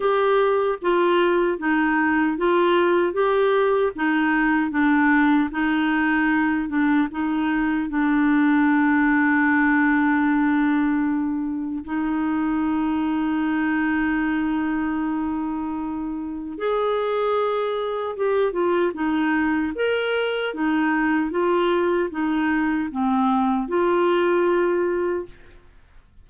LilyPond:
\new Staff \with { instrumentName = "clarinet" } { \time 4/4 \tempo 4 = 76 g'4 f'4 dis'4 f'4 | g'4 dis'4 d'4 dis'4~ | dis'8 d'8 dis'4 d'2~ | d'2. dis'4~ |
dis'1~ | dis'4 gis'2 g'8 f'8 | dis'4 ais'4 dis'4 f'4 | dis'4 c'4 f'2 | }